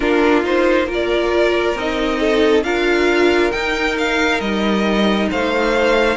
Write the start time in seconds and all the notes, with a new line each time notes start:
0.00 A#3 D4 F4 A#4
0.43 D#4 C5
0.86 F4 A#4
0.93 D5
1.75 C4 D#4 D#5
2.19 A4
2.63 D4 F4 A#4 F5
3.51 D#4 G5
3.98 F5
4.40 G3 D#5
5.30 A3 C5 F5